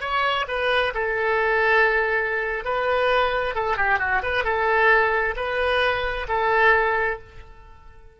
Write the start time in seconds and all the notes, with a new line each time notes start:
0.00 C#5
0.48 B4
0.94 A4
2.64 B4
3.55 A4
3.76 G4
3.99 F#4
4.22 B4
4.44 A4
5.36 B4
6.28 A4